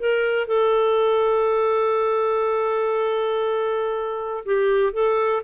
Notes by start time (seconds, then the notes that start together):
0.00 A#4
0.48 A4
4.46 G4
4.93 A4